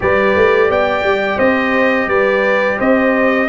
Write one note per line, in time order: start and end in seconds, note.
0.00 0.35 G3
0.00 3.49 G4
0.00 0.68 B4
0.00 0.71 D5
0.35 0.70 A3
0.68 1.03 B3
0.68 1.37 D5
0.68 1.39 G5
1.03 1.37 G3
1.37 2.06 C4
1.37 2.07 C5
1.37 2.08 D#5
2.06 2.76 G3
2.06 2.78 B4
2.06 2.78 D5
2.78 3.49 C4
2.78 3.47 C5
2.78 3.49 D#5